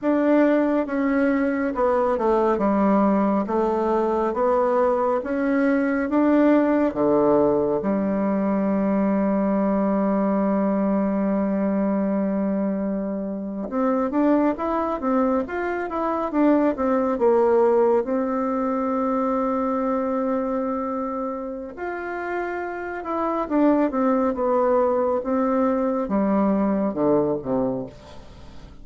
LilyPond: \new Staff \with { instrumentName = "bassoon" } { \time 4/4 \tempo 4 = 69 d'4 cis'4 b8 a8 g4 | a4 b4 cis'4 d'4 | d4 g2.~ | g2.~ g8. c'16~ |
c'16 d'8 e'8 c'8 f'8 e'8 d'8 c'8 ais16~ | ais8. c'2.~ c'16~ | c'4 f'4. e'8 d'8 c'8 | b4 c'4 g4 d8 c8 | }